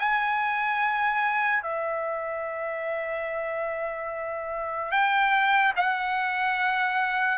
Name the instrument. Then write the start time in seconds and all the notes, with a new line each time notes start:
trumpet
0.00 G#5
1.63 E5
4.92 G5
5.77 F#5